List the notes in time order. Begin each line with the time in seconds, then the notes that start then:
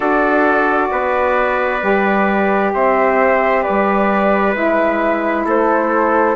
0.00 D4 F#4 A4 D5
0.91 B3 B4
1.82 G3 G4
2.73 C4 C5 E5
3.63 G3 B4 D5
4.53 G#3 E4 E5
5.45 A3 A4 C5